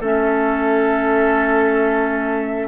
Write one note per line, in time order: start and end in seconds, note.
0.00 2.67 A3
0.00 2.67 C#4
0.00 2.67 A4
0.00 2.67 E5